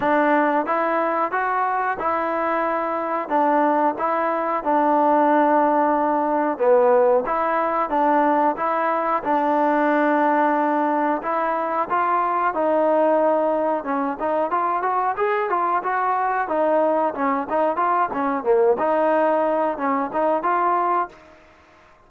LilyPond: \new Staff \with { instrumentName = "trombone" } { \time 4/4 \tempo 4 = 91 d'4 e'4 fis'4 e'4~ | e'4 d'4 e'4 d'4~ | d'2 b4 e'4 | d'4 e'4 d'2~ |
d'4 e'4 f'4 dis'4~ | dis'4 cis'8 dis'8 f'8 fis'8 gis'8 f'8 | fis'4 dis'4 cis'8 dis'8 f'8 cis'8 | ais8 dis'4. cis'8 dis'8 f'4 | }